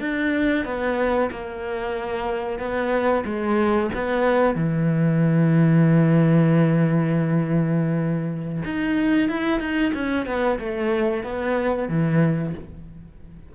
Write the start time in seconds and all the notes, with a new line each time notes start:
0.00 D4
0.65 B3
1.31 A#3
2.59 B3
3.25 G#3
3.94 B3
4.55 E3
8.64 D#4
9.28 E4
9.60 D#4
9.94 C#4
10.26 B3
10.59 A3
11.23 B3
11.89 E3